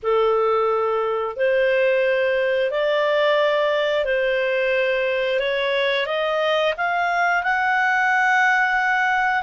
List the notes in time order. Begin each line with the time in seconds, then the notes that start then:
0.02 A4
1.36 C5
2.71 D5
4.04 C5
5.39 C#5
6.06 D#5
6.77 F5
7.43 F#5